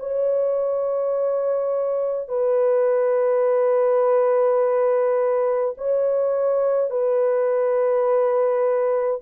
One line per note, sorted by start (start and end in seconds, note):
0.00 2.29 C#5
2.29 5.75 B4
5.78 6.91 C#5
6.91 9.22 B4